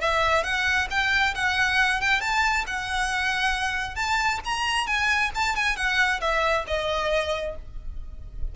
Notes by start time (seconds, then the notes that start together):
0.00 E5
0.43 F#5
0.90 G5
1.34 F#5
2.00 G5
2.20 A5
2.66 F#5
3.95 A5
4.44 A#5
4.86 G#5
5.34 A5
5.55 G#5
5.76 F#5
6.20 E5
6.67 D#5